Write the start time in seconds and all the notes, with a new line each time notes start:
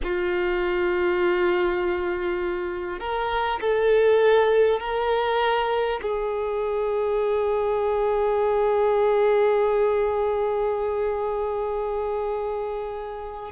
0.03 F4
2.99 A#4
3.60 A4
4.79 A#4
6.02 G#4